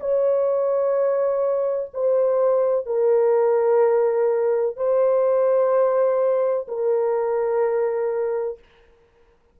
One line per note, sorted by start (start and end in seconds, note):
0.00 1.90 C#5
1.94 2.86 C5
2.86 4.76 A#4
4.76 6.67 C5
6.68 8.58 A#4